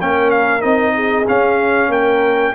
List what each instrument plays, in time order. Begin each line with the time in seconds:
0.00 tuba A#3, trombone C#4, horn A#4, trumpet G5
0.30 trumpet F5
0.61 tuba C4, trombone D#4, trumpet D#5
0.95 horn G#4
1.28 trombone C#4, tuba C#4, trumpet F5
1.88 tuba A#3, horn A#4, trumpet G5